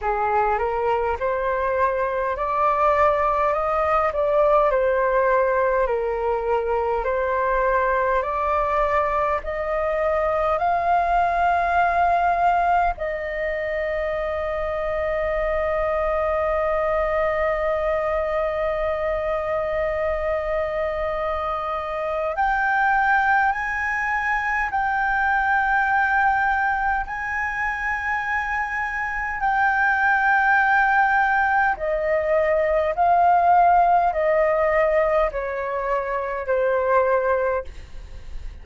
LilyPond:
\new Staff \with { instrumentName = "flute" } { \time 4/4 \tempo 4 = 51 gis'8 ais'8 c''4 d''4 dis''8 d''8 | c''4 ais'4 c''4 d''4 | dis''4 f''2 dis''4~ | dis''1~ |
dis''2. g''4 | gis''4 g''2 gis''4~ | gis''4 g''2 dis''4 | f''4 dis''4 cis''4 c''4 | }